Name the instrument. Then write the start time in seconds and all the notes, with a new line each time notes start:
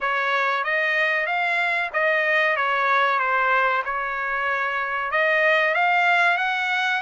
trumpet
0.00 C#5
0.64 D#5
1.26 F5
1.93 D#5
2.56 C#5
3.19 C5
3.84 C#5
5.11 D#5
5.74 F5
6.37 F#5